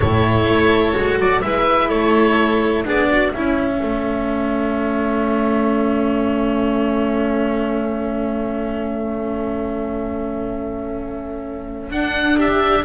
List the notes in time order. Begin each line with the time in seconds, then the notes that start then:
0.00 A2 E4 A4 C#5
0.46 A3
0.93 G#3 F#4
1.19 F#3 D5
1.41 G#3 E4 B4 E5
1.88 A3 A4 C#5
2.84 B3 D4 G#4 D5
3.11 F#4
3.32 C#4 E4 E5
3.81 A3 A4
11.90 D4 F#5
12.37 G4 E5